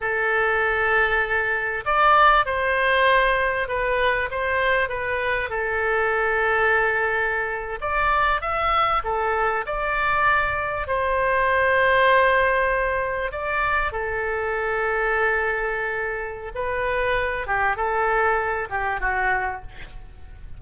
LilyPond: \new Staff \with { instrumentName = "oboe" } { \time 4/4 \tempo 4 = 98 a'2. d''4 | c''2 b'4 c''4 | b'4 a'2.~ | a'8. d''4 e''4 a'4 d''16~ |
d''4.~ d''16 c''2~ c''16~ | c''4.~ c''16 d''4 a'4~ a'16~ | a'2. b'4~ | b'8 g'8 a'4. g'8 fis'4 | }